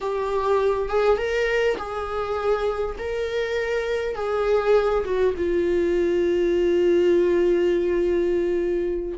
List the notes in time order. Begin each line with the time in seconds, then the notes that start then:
0.01 G4
0.89 G#4
1.17 A#4
1.77 G#4
2.98 A#4
4.15 G#4
5.05 F#4
5.37 F4